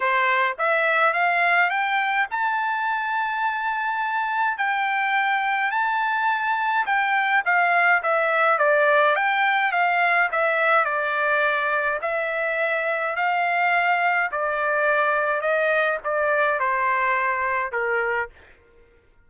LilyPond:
\new Staff \with { instrumentName = "trumpet" } { \time 4/4 \tempo 4 = 105 c''4 e''4 f''4 g''4 | a''1 | g''2 a''2 | g''4 f''4 e''4 d''4 |
g''4 f''4 e''4 d''4~ | d''4 e''2 f''4~ | f''4 d''2 dis''4 | d''4 c''2 ais'4 | }